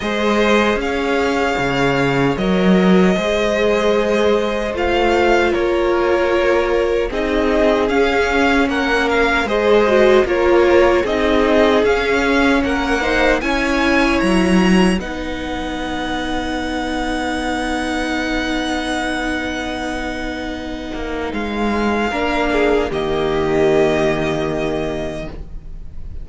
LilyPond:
<<
  \new Staff \with { instrumentName = "violin" } { \time 4/4 \tempo 4 = 76 dis''4 f''2 dis''4~ | dis''2 f''4 cis''4~ | cis''4 dis''4 f''4 fis''8 f''8 | dis''4 cis''4 dis''4 f''4 |
fis''4 gis''4 ais''4 fis''4~ | fis''1~ | fis''2. f''4~ | f''4 dis''2. | }
  \new Staff \with { instrumentName = "violin" } { \time 4/4 c''4 cis''2. | c''2. ais'4~ | ais'4 gis'2 ais'4 | c''4 ais'4 gis'2 |
ais'8 c''8 cis''2 b'4~ | b'1~ | b'1 | ais'8 gis'8 g'2. | }
  \new Staff \with { instrumentName = "viola" } { \time 4/4 gis'2. ais'4 | gis'2 f'2~ | f'4 dis'4 cis'2 | gis'8 fis'8 f'4 dis'4 cis'4~ |
cis'8 dis'8 e'2 dis'4~ | dis'1~ | dis'1 | d'4 ais2. | }
  \new Staff \with { instrumentName = "cello" } { \time 4/4 gis4 cis'4 cis4 fis4 | gis2 a4 ais4~ | ais4 c'4 cis'4 ais4 | gis4 ais4 c'4 cis'4 |
ais4 cis'4 fis4 b4~ | b1~ | b2~ b8 ais8 gis4 | ais4 dis2. | }
>>